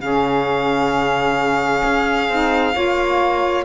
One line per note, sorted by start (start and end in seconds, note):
0.00 1.82 C#3
0.00 2.27 C#4
0.00 2.74 G#4
0.00 3.65 F5
1.85 2.29 C#4
2.29 2.75 C4
2.29 2.74 D#4
2.74 3.65 A#3
2.74 3.65 F4
2.74 3.65 C#5